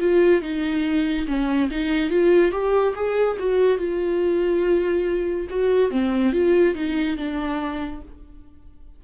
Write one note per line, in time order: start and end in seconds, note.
0.00 0.42 F4
0.42 1.26 D#4
1.28 1.70 C#4
1.71 2.10 D#4
2.10 2.52 F4
2.52 2.94 G4
2.95 3.38 G#4
3.39 3.78 F#4
3.78 5.47 F4
5.50 5.91 F#4
5.91 6.33 C4
6.33 6.75 F4
6.75 7.17 D#4
7.17 8.02 D4